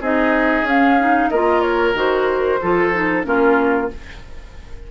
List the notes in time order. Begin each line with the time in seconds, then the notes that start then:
0.00 C4 D#4 G#4 D#5
0.62 C#4 F5
1.00 D#4
1.29 A#3 F4 A#4 D#5
1.62 C#5
1.94 D#3 F#4 C5
2.61 F3 F4 A4
2.93 D#4
3.23 A#3 C#4 F4 A#4